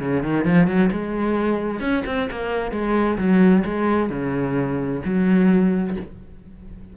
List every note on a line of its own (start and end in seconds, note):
0.00 0.23 C#3
0.23 0.45 D#3
0.45 0.67 F3
0.67 0.90 F#3
0.92 1.81 G#3
1.81 2.04 C#4
2.06 2.29 C4
2.31 2.72 A#3
2.72 3.17 G#3
3.18 3.64 F#3
3.65 4.10 G#3
4.10 5.02 C#3
5.05 5.96 F#3